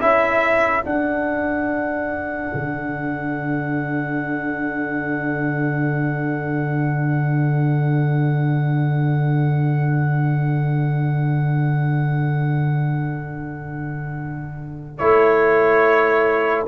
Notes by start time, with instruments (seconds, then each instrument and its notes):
0.00 tuba C#4, trombone E4, horn A4, trumpet E5
0.81 trombone D4, tuba D4, trumpet F#5
2.53 tuba D3
14.98 tuba A3, trombone E4, trumpet C#5